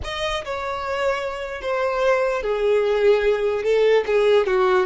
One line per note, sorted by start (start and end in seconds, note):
0.04 0.44 D#5
0.44 1.61 C#5
1.61 2.42 C5
2.42 3.63 G#4
3.63 4.04 A4
4.06 4.46 G#4
4.46 4.86 F#4